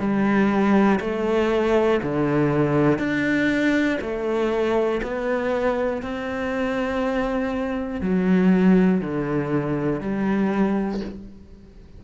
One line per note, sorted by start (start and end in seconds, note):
0.00 1.00 G3
1.00 2.00 A3
2.03 2.99 D3
2.99 3.99 D4
4.01 5.01 A3
5.03 6.02 B3
6.02 8.02 C4
8.02 9.01 F#3
9.01 10.01 D3
10.01 11.01 G3